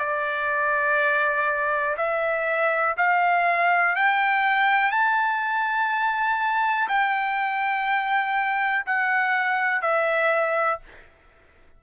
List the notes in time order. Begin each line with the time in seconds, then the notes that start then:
0.00 D5
1.98 E5
2.98 F5
3.96 G5
4.92 A5
6.89 G5
8.86 F#5
9.82 E5